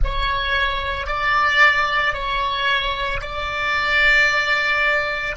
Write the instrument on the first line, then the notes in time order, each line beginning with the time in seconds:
oboe
0.03 C#5
1.07 D5
2.13 C#5
3.21 D5